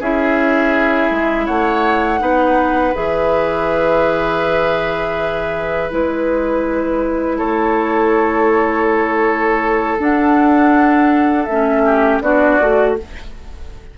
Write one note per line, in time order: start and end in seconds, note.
0.00 1.11 C#4
0.00 2.20 E4
0.00 1.46 G#4
0.00 1.47 E5
1.11 1.48 G#3
1.46 2.21 A3
1.46 2.21 C#5
1.46 2.95 F#5
2.20 2.95 B3
2.20 2.94 D#4
2.20 7.38 B4
2.95 5.92 E3
2.95 5.91 G#4
2.95 5.92 E5
5.91 7.41 G#3
5.91 9.98 E4
5.91 7.39 B4
7.38 10.00 A3
7.38 11.82 A4
7.38 9.98 C#5
10.00 11.48 D4
10.00 11.45 F#5
11.45 12.21 A3
11.45 12.19 E5
11.52 12.24 C#4
11.86 12.23 G4
12.21 12.58 B3
12.21 12.61 D4
12.21 12.98 F#4
12.21 12.96 D5
12.61 12.98 A3
12.61 12.98 F#4